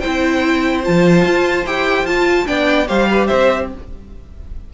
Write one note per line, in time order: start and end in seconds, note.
0.00 0.84 E4
0.00 2.46 C5
0.00 0.82 G5
0.06 0.87 C4
0.84 1.25 F3
0.84 1.65 F4
0.84 1.66 A5
1.25 1.66 F4
1.66 2.04 E4
1.66 2.07 G4
1.66 2.06 G5
2.04 2.45 F4
2.04 2.46 F4
2.04 2.47 A5
2.46 2.89 B3
2.46 2.87 D4
2.46 2.88 D5
2.46 2.88 G5
2.87 3.30 G3
2.87 3.69 G4
2.87 3.08 C5
2.87 3.27 F5
3.11 3.27 B4
3.27 3.74 C4
3.27 3.68 C5
3.27 3.68 E5